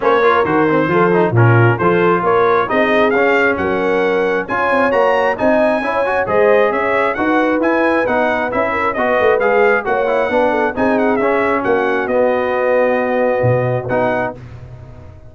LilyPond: <<
  \new Staff \with { instrumentName = "trumpet" } { \time 4/4 \tempo 4 = 134 cis''4 c''2 ais'4 | c''4 cis''4 dis''4 f''4 | fis''2 gis''4 ais''4 | gis''2 dis''4 e''4 |
fis''4 gis''4 fis''4 e''4 | dis''4 f''4 fis''2 | gis''8 fis''8 e''4 fis''4 dis''4~ | dis''2. fis''4 | }
  \new Staff \with { instrumentName = "horn" } { \time 4/4 c''8 ais'4. a'4 f'4 | a'4 ais'4 gis'2 | ais'2 cis''2 | dis''4 cis''4 c''4 cis''4 |
b'2.~ b'8 ais'8 | b'2 cis''4 b'8 a'8 | gis'2 fis'2~ | fis'1 | }
  \new Staff \with { instrumentName = "trombone" } { \time 4/4 cis'8 f'8 fis'8 c'8 f'8 dis'8 cis'4 | f'2 dis'4 cis'4~ | cis'2 f'4 fis'4 | dis'4 e'8 fis'8 gis'2 |
fis'4 e'4 dis'4 e'4 | fis'4 gis'4 fis'8 e'8 d'4 | dis'4 cis'2 b4~ | b2. dis'4 | }
  \new Staff \with { instrumentName = "tuba" } { \time 4/4 ais4 dis4 f4 ais,4 | f4 ais4 c'4 cis'4 | fis2 cis'8 c'8 ais4 | c'4 cis'4 gis4 cis'4 |
dis'4 e'4 b4 cis'4 | b8 a8 gis4 ais4 b4 | c'4 cis'4 ais4 b4~ | b2 b,4 b4 | }
>>